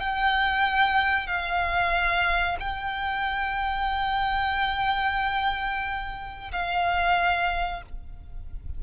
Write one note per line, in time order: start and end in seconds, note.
0.00 1.27 G5
1.27 2.58 F5
2.60 6.52 G5
6.52 7.82 F5